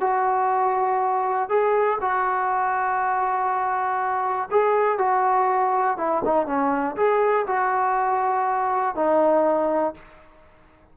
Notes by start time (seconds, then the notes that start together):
0.00 F#4
1.49 G#4
2.00 F#4
4.51 G#4
4.98 F#4
5.97 E4
6.24 D#4
6.46 C#4
6.96 G#4
7.47 F#4
8.95 D#4